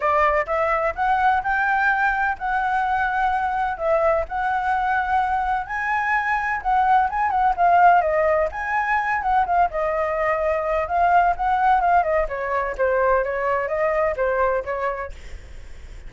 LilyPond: \new Staff \with { instrumentName = "flute" } { \time 4/4 \tempo 4 = 127 d''4 e''4 fis''4 g''4~ | g''4 fis''2. | e''4 fis''2. | gis''2 fis''4 gis''8 fis''8 |
f''4 dis''4 gis''4. fis''8 | f''8 dis''2~ dis''8 f''4 | fis''4 f''8 dis''8 cis''4 c''4 | cis''4 dis''4 c''4 cis''4 | }